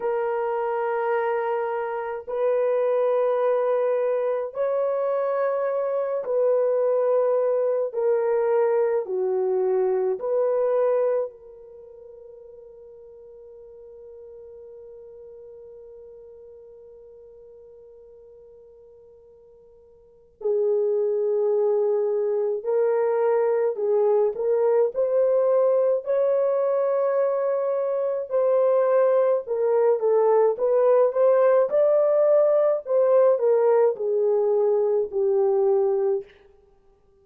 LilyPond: \new Staff \with { instrumentName = "horn" } { \time 4/4 \tempo 4 = 53 ais'2 b'2 | cis''4. b'4. ais'4 | fis'4 b'4 ais'2~ | ais'1~ |
ais'2 gis'2 | ais'4 gis'8 ais'8 c''4 cis''4~ | cis''4 c''4 ais'8 a'8 b'8 c''8 | d''4 c''8 ais'8 gis'4 g'4 | }